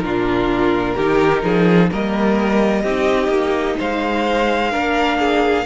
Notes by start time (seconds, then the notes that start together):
0.00 A#2 D4 F4 A#4
0.96 D#3 D#4 G4
1.43 F3 G#4
1.91 G3 A#3 A#4 D#5
2.83 C4 D#4 G4
3.28 A#3
3.78 G#3 C5 F5
4.71 A#3 D4 A#4
5.19 G#4